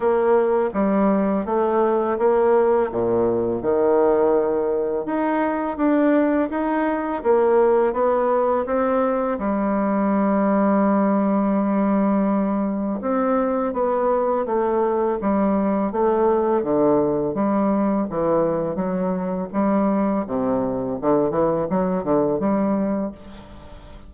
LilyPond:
\new Staff \with { instrumentName = "bassoon" } { \time 4/4 \tempo 4 = 83 ais4 g4 a4 ais4 | ais,4 dis2 dis'4 | d'4 dis'4 ais4 b4 | c'4 g2.~ |
g2 c'4 b4 | a4 g4 a4 d4 | g4 e4 fis4 g4 | c4 d8 e8 fis8 d8 g4 | }